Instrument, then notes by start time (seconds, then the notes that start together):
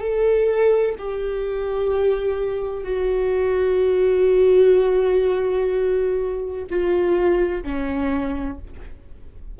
viola
0.00 A4
0.99 G4
2.84 F#4
6.70 F4
7.63 C#4